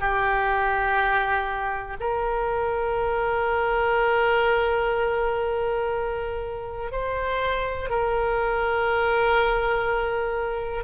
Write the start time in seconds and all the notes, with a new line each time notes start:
0.00 G4
2.00 A#4
6.91 C5
7.89 A#4